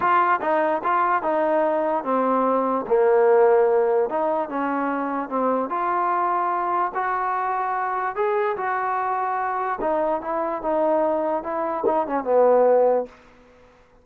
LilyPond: \new Staff \with { instrumentName = "trombone" } { \time 4/4 \tempo 4 = 147 f'4 dis'4 f'4 dis'4~ | dis'4 c'2 ais4~ | ais2 dis'4 cis'4~ | cis'4 c'4 f'2~ |
f'4 fis'2. | gis'4 fis'2. | dis'4 e'4 dis'2 | e'4 dis'8 cis'8 b2 | }